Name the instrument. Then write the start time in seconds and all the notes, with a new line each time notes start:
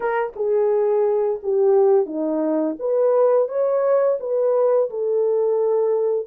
horn
0.00 A#4
0.36 G#4
1.42 G4
2.06 D#4
2.79 B4
3.48 C#5
4.20 B4
4.90 A4